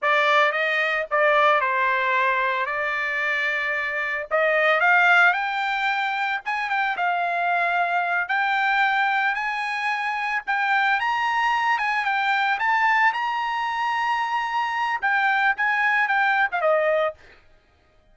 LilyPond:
\new Staff \with { instrumentName = "trumpet" } { \time 4/4 \tempo 4 = 112 d''4 dis''4 d''4 c''4~ | c''4 d''2. | dis''4 f''4 g''2 | gis''8 g''8 f''2~ f''8 g''8~ |
g''4. gis''2 g''8~ | g''8 ais''4. gis''8 g''4 a''8~ | a''8 ais''2.~ ais''8 | g''4 gis''4 g''8. f''16 dis''4 | }